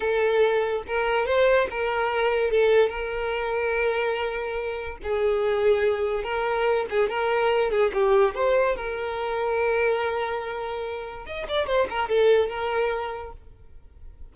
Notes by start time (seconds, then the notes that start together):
0.00 A4
0.87 A#4
1.26 C5
1.70 A#4
2.50 A4
2.89 A#4
5.03 G#4
6.23 A#4
6.90 G#4
7.09 A#4
7.70 G#4
7.93 G4
8.34 C5
8.76 A#4
11.25 D#5
11.48 D5
11.66 C5
11.89 A#4
12.08 A4
12.49 A#4